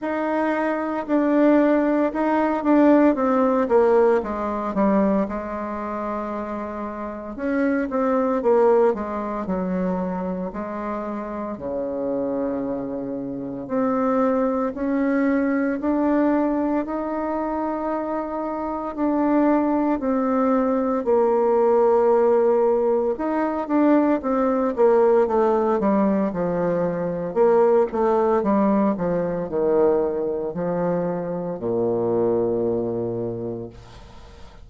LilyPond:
\new Staff \with { instrumentName = "bassoon" } { \time 4/4 \tempo 4 = 57 dis'4 d'4 dis'8 d'8 c'8 ais8 | gis8 g8 gis2 cis'8 c'8 | ais8 gis8 fis4 gis4 cis4~ | cis4 c'4 cis'4 d'4 |
dis'2 d'4 c'4 | ais2 dis'8 d'8 c'8 ais8 | a8 g8 f4 ais8 a8 g8 f8 | dis4 f4 ais,2 | }